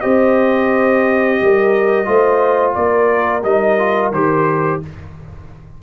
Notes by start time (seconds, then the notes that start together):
0.00 C4 G4 C5 D#5
1.41 G3 A#4
2.05 A3 F4 C5
2.74 A#3 A#4 D5
3.44 G3 D#4 D#5
3.79 F4
4.12 D#3 G4 C5